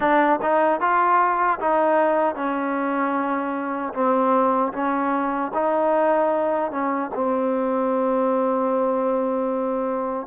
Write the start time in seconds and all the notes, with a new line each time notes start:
0.00 D4
0.42 D#4
0.80 F4
1.59 D#4
2.35 C#4
3.93 C4
4.72 C#4
5.54 D#4
6.71 C#4
7.14 C4